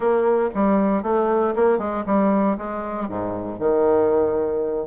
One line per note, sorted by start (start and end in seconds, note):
0.00 0.49 A#3
0.54 1.03 G3
1.03 1.54 A3
1.55 1.78 A#3
1.78 2.04 G#3
2.06 2.57 G3
2.57 3.08 G#3
3.08 3.59 G#2
3.59 4.87 D#3